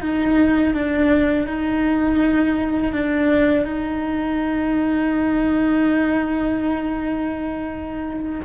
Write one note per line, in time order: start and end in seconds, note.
0.00 0.73 D#4
0.74 1.46 D4
1.46 2.92 D#4
2.92 3.65 D4
3.65 8.40 D#4